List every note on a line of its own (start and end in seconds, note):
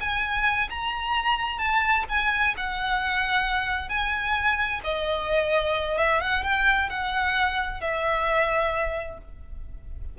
0.00 0.69 G#5
0.70 1.58 A#5
1.58 2.04 A5
2.09 2.55 G#5
2.57 3.89 F#5
3.89 4.81 G#5
4.84 5.98 D#5
5.98 6.20 E5
6.20 6.43 F#5
6.44 6.89 G5
6.89 7.81 F#5
7.81 9.18 E5